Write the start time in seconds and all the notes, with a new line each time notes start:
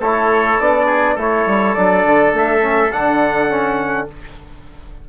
0.00 A3 E4 A4 C#5
0.60 B3 D4 D5
0.86 G#4
1.15 A3 E4 A4 C#5
1.47 G3
1.75 F#3 D4 D5
2.06 D3
2.34 A3 E5
2.62 C#4
2.92 D3 D4 F#5
3.50 C#4